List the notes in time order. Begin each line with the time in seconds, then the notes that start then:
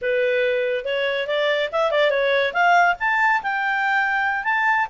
0.01 B4
0.85 C#5
1.27 D5
1.72 E5
1.91 D5
2.10 C#5
2.53 F5
2.99 A5
3.42 G5
4.44 A5